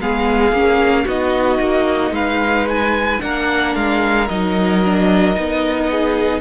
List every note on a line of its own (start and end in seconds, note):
0.00 0.51 G#3
0.00 0.54 B3
0.00 1.04 G#4
0.00 1.08 F5
0.51 1.05 A#3
0.51 1.07 C#4
1.04 1.58 B3
1.04 3.20 D#4
1.04 2.11 F#4
1.04 2.14 D#5
1.58 2.11 A#3
2.11 3.18 G#3
2.11 3.21 B4
2.11 2.68 F5
2.68 3.21 G#5
3.20 3.75 A#3
3.20 4.27 D4
3.20 5.89 A#4
3.20 3.75 F#5
3.75 4.29 G#3
3.75 4.28 F5
4.28 5.37 F#3
4.28 4.83 D#4
4.28 6.40 D#5
4.84 5.35 D4
5.35 6.40 B3
5.35 6.40 D#4
5.89 6.40 G#4